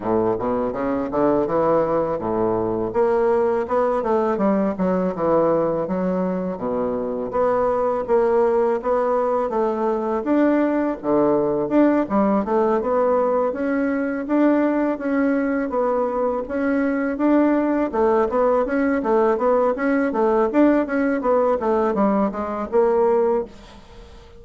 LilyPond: \new Staff \with { instrumentName = "bassoon" } { \time 4/4 \tempo 4 = 82 a,8 b,8 cis8 d8 e4 a,4 | ais4 b8 a8 g8 fis8 e4 | fis4 b,4 b4 ais4 | b4 a4 d'4 d4 |
d'8 g8 a8 b4 cis'4 d'8~ | d'8 cis'4 b4 cis'4 d'8~ | d'8 a8 b8 cis'8 a8 b8 cis'8 a8 | d'8 cis'8 b8 a8 g8 gis8 ais4 | }